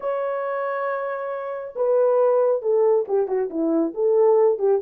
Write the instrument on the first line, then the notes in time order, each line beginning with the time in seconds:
horn
0.00 C#5
1.75 B4
2.62 A4
3.08 G4
3.27 F#4
3.49 E4
3.94 A4
4.58 G4